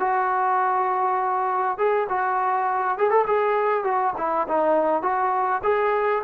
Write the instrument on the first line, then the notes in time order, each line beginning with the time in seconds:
trombone
0.00 F#4
1.78 G#4
2.09 F#4
2.98 G#4
3.11 A4
3.27 G#4
3.84 F#4
4.17 E4
4.48 D#4
5.03 F#4
5.63 G#4